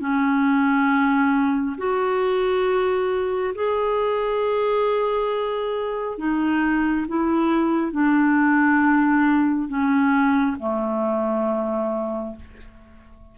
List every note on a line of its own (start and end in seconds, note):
0.00 1.76 C#4
1.78 3.54 F#4
3.55 6.18 G#4
6.18 7.07 D#4
7.08 7.93 E4
7.93 9.69 D4
9.69 10.57 C#4
10.59 12.36 A3